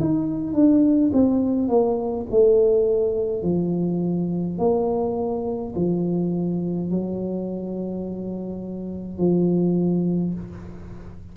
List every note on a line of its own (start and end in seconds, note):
0.00 0.53 D#4
0.53 1.11 D4
1.13 1.68 C4
1.68 2.26 A#3
2.31 3.43 A3
3.43 4.58 F3
4.58 5.74 A#3
5.75 6.91 F3
6.91 9.18 F#3
9.18 10.34 F3